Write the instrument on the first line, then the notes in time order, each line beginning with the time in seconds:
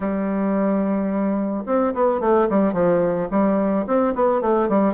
bassoon
0.00 G3
1.66 C4
1.93 B3
2.20 A3
2.49 G3
2.73 F3
3.30 G3
3.86 C4
4.15 B3
4.41 A3
4.68 G3